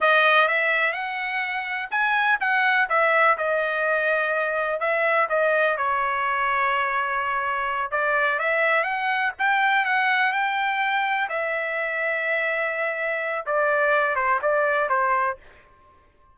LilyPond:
\new Staff \with { instrumentName = "trumpet" } { \time 4/4 \tempo 4 = 125 dis''4 e''4 fis''2 | gis''4 fis''4 e''4 dis''4~ | dis''2 e''4 dis''4 | cis''1~ |
cis''8 d''4 e''4 fis''4 g''8~ | g''8 fis''4 g''2 e''8~ | e''1 | d''4. c''8 d''4 c''4 | }